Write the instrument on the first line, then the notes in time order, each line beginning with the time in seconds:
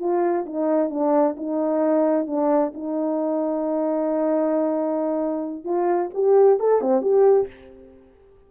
horn
0.00 F4
0.46 D#4
0.90 D4
1.37 D#4
2.27 D4
2.74 D#4
5.64 F4
6.14 G4
6.60 A4
6.81 C4
7.02 G4